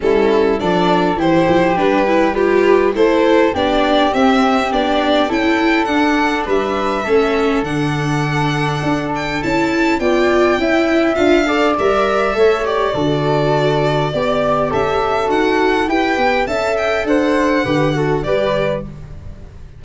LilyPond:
<<
  \new Staff \with { instrumentName = "violin" } { \time 4/4 \tempo 4 = 102 a'4 d''4 c''4 b'4 | g'4 c''4 d''4 e''4 | d''4 g''4 fis''4 e''4~ | e''4 fis''2~ fis''8 g''8 |
a''4 g''2 f''4 | e''4. d''2~ d''8~ | d''4 e''4 fis''4 g''4 | a''8 g''8 fis''2 d''4 | }
  \new Staff \with { instrumentName = "flute" } { \time 4/4 e'4 a'4 g'2 | b'4 a'4 g'2~ | g'4 a'2 b'4 | a'1~ |
a'4 d''4 e''4. d''8~ | d''4 cis''4 a'2 | d''4 a'2 g'4 | e''4 c''4 b'8 a'8 b'4 | }
  \new Staff \with { instrumentName = "viola" } { \time 4/4 cis'4 d'4 e'4 d'8 e'8 | f'4 e'4 d'4 c'4 | d'4 e'4 d'2 | cis'4 d'2. |
e'4 f'4 e'4 f'8 a'8 | ais'4 a'8 g'8 fis'2 | g'2 fis'4 b'4 | a'2 g'8 fis'8 g'4 | }
  \new Staff \with { instrumentName = "tuba" } { \time 4/4 g4 f4 e8 f8 g4~ | g4 a4 b4 c'4 | b4 cis'4 d'4 g4 | a4 d2 d'4 |
cis'4 b4 cis'4 d'4 | g4 a4 d2 | b4 cis'4 dis'4 e'8 b8 | cis'4 d'4 d4 g4 | }
>>